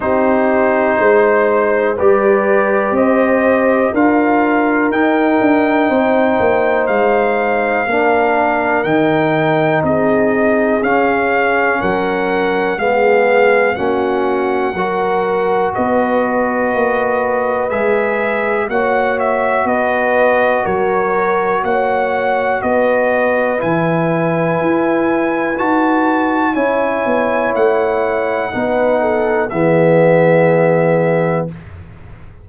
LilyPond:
<<
  \new Staff \with { instrumentName = "trumpet" } { \time 4/4 \tempo 4 = 61 c''2 d''4 dis''4 | f''4 g''2 f''4~ | f''4 g''4 dis''4 f''4 | fis''4 f''4 fis''2 |
dis''2 e''4 fis''8 e''8 | dis''4 cis''4 fis''4 dis''4 | gis''2 a''4 gis''4 | fis''2 e''2 | }
  \new Staff \with { instrumentName = "horn" } { \time 4/4 g'4 c''4 b'4 c''4 | ais'2 c''2 | ais'2 gis'2 | ais'4 gis'4 fis'4 ais'4 |
b'2. cis''4 | b'4 ais'4 cis''4 b'4~ | b'2. cis''4~ | cis''4 b'8 a'8 gis'2 | }
  \new Staff \with { instrumentName = "trombone" } { \time 4/4 dis'2 g'2 | f'4 dis'2. | d'4 dis'2 cis'4~ | cis'4 b4 cis'4 fis'4~ |
fis'2 gis'4 fis'4~ | fis'1 | e'2 fis'4 e'4~ | e'4 dis'4 b2 | }
  \new Staff \with { instrumentName = "tuba" } { \time 4/4 c'4 gis4 g4 c'4 | d'4 dis'8 d'8 c'8 ais8 gis4 | ais4 dis4 c'4 cis'4 | fis4 gis4 ais4 fis4 |
b4 ais4 gis4 ais4 | b4 fis4 ais4 b4 | e4 e'4 dis'4 cis'8 b8 | a4 b4 e2 | }
>>